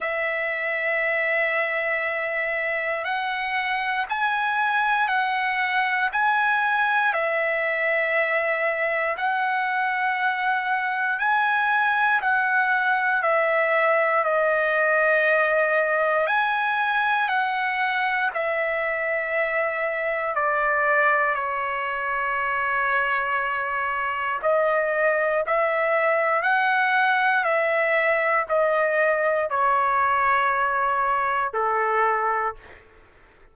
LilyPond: \new Staff \with { instrumentName = "trumpet" } { \time 4/4 \tempo 4 = 59 e''2. fis''4 | gis''4 fis''4 gis''4 e''4~ | e''4 fis''2 gis''4 | fis''4 e''4 dis''2 |
gis''4 fis''4 e''2 | d''4 cis''2. | dis''4 e''4 fis''4 e''4 | dis''4 cis''2 a'4 | }